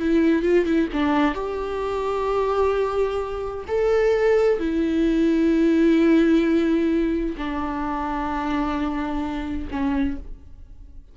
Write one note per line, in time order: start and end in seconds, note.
0.00 0.43 E4
0.43 0.66 F4
0.66 0.89 E4
0.93 1.35 D4
1.35 3.65 G4
3.68 4.59 A4
4.59 7.36 E4
7.38 9.68 D4
9.71 10.17 C#4